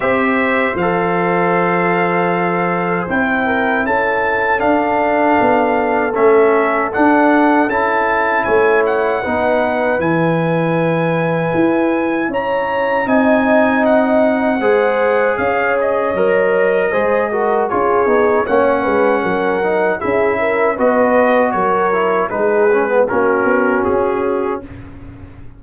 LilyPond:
<<
  \new Staff \with { instrumentName = "trumpet" } { \time 4/4 \tempo 4 = 78 e''4 f''2. | g''4 a''4 f''2 | e''4 fis''4 a''4 gis''8 fis''8~ | fis''4 gis''2. |
ais''4 gis''4 fis''2 | f''8 dis''2~ dis''8 cis''4 | fis''2 e''4 dis''4 | cis''4 b'4 ais'4 gis'4 | }
  \new Staff \with { instrumentName = "horn" } { \time 4/4 c''1~ | c''8 ais'8 a'2.~ | a'2. cis''4 | b'1 |
cis''4 dis''2 c''4 | cis''2 c''8 ais'8 gis'4 | cis''8 b'8 ais'4 gis'8 ais'8 b'4 | ais'4 gis'4 fis'2 | }
  \new Staff \with { instrumentName = "trombone" } { \time 4/4 g'4 a'2. | e'2 d'2 | cis'4 d'4 e'2 | dis'4 e'2.~ |
e'4 dis'2 gis'4~ | gis'4 ais'4 gis'8 fis'8 f'8 dis'8 | cis'4. dis'8 e'4 fis'4~ | fis'8 e'8 dis'8 cis'16 b16 cis'2 | }
  \new Staff \with { instrumentName = "tuba" } { \time 4/4 c'4 f2. | c'4 cis'4 d'4 b4 | a4 d'4 cis'4 a4 | b4 e2 e'4 |
cis'4 c'2 gis4 | cis'4 fis4 gis4 cis'8 b8 | ais8 gis8 fis4 cis'4 b4 | fis4 gis4 ais8 b8 cis'4 | }
>>